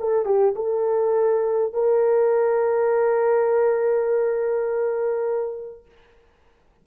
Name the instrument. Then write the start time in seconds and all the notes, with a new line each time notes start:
horn
0.00 A4
0.26 G4
0.56 A4
1.74 A#4